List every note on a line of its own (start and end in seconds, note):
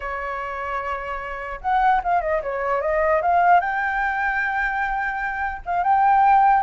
0.00 1.60 C#5
1.61 2.01 F#5
2.03 2.21 F5
2.21 2.41 D#5
2.42 2.81 C#5
2.81 3.21 D#5
3.22 3.60 F5
3.60 5.61 G5
5.65 5.83 F5
5.83 6.63 G5